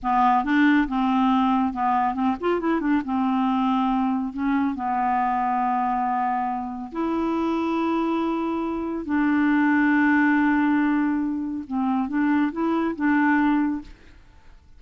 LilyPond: \new Staff \with { instrumentName = "clarinet" } { \time 4/4 \tempo 4 = 139 b4 d'4 c'2 | b4 c'8 f'8 e'8 d'8 c'4~ | c'2 cis'4 b4~ | b1 |
e'1~ | e'4 d'2.~ | d'2. c'4 | d'4 e'4 d'2 | }